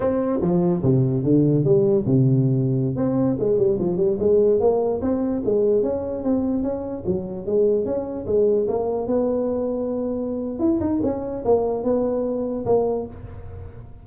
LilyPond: \new Staff \with { instrumentName = "tuba" } { \time 4/4 \tempo 4 = 147 c'4 f4 c4 d4 | g4 c2~ c16 c'8.~ | c'16 gis8 g8 f8 g8 gis4 ais8.~ | ais16 c'4 gis4 cis'4 c'8.~ |
c'16 cis'4 fis4 gis4 cis'8.~ | cis'16 gis4 ais4 b4.~ b16~ | b2 e'8 dis'8 cis'4 | ais4 b2 ais4 | }